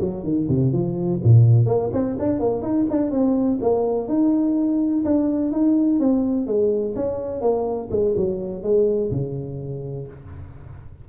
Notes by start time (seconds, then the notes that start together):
0.00 F#3
0.23 D#3
0.48 C3
0.72 F3
1.23 A#2
1.66 A#3
1.92 C4
2.18 D4
2.39 A#3
2.62 D#4
2.90 D4
3.10 C4
3.61 A#3
4.08 D#4
5.04 D4
5.51 D#4
5.99 C4
6.46 G#3
6.95 C#4
7.41 A#3
7.90 G#3
8.16 F#3
8.62 G#3
9.11 C#3